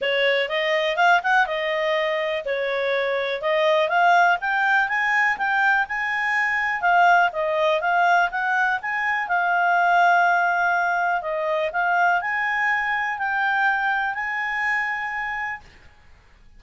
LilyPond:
\new Staff \with { instrumentName = "clarinet" } { \time 4/4 \tempo 4 = 123 cis''4 dis''4 f''8 fis''8 dis''4~ | dis''4 cis''2 dis''4 | f''4 g''4 gis''4 g''4 | gis''2 f''4 dis''4 |
f''4 fis''4 gis''4 f''4~ | f''2. dis''4 | f''4 gis''2 g''4~ | g''4 gis''2. | }